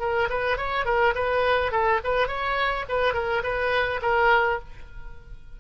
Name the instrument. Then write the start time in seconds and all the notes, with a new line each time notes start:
oboe
0.00 A#4
0.30 B4
0.57 C#5
0.86 A#4
1.15 B4
1.72 A4
2.04 B4
2.28 C#5
2.89 B4
3.14 A#4
3.43 B4
4.02 A#4